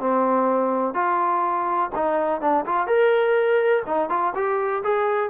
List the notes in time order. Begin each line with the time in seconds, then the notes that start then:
0.00 C4
0.94 F4
1.95 D#4
2.42 D4
2.66 F4
2.87 A#4
3.87 D#4
4.10 F4
4.35 G4
4.84 G#4